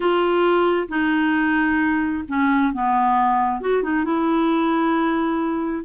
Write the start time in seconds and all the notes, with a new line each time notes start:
0.00 F4
0.88 D#4
2.28 C#4
2.73 B3
3.60 F#4
3.82 D#4
4.04 E4